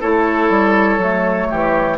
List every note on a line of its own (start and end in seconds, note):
0.00 0.50 A3
0.00 1.00 E4
0.00 1.48 A4
0.00 1.98 C#5
0.50 0.98 G3
0.98 1.47 F#3
0.98 1.98 A3
1.50 1.98 E3
1.50 1.98 G4